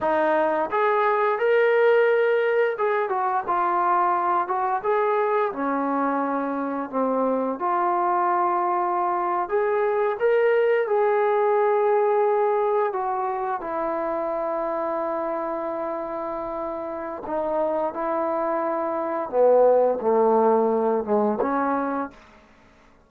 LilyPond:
\new Staff \with { instrumentName = "trombone" } { \time 4/4 \tempo 4 = 87 dis'4 gis'4 ais'2 | gis'8 fis'8 f'4. fis'8 gis'4 | cis'2 c'4 f'4~ | f'4.~ f'16 gis'4 ais'4 gis'16~ |
gis'2~ gis'8. fis'4 e'16~ | e'1~ | e'4 dis'4 e'2 | b4 a4. gis8 cis'4 | }